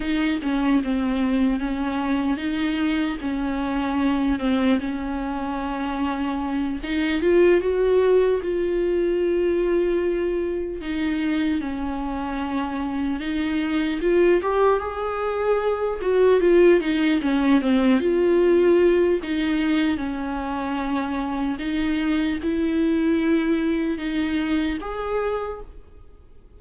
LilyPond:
\new Staff \with { instrumentName = "viola" } { \time 4/4 \tempo 4 = 75 dis'8 cis'8 c'4 cis'4 dis'4 | cis'4. c'8 cis'2~ | cis'8 dis'8 f'8 fis'4 f'4.~ | f'4. dis'4 cis'4.~ |
cis'8 dis'4 f'8 g'8 gis'4. | fis'8 f'8 dis'8 cis'8 c'8 f'4. | dis'4 cis'2 dis'4 | e'2 dis'4 gis'4 | }